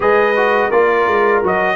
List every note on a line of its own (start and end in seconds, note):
0.00 0.70 G#3
0.00 0.34 G#4
0.00 0.68 B4
0.00 0.70 D#5
0.36 0.72 F#4
0.68 1.07 A#3
0.68 1.43 F4
0.68 1.75 A#4
0.68 1.42 D5
1.07 1.42 G#3
1.43 1.76 F#3
1.43 1.76 F#4
1.43 1.76 D#5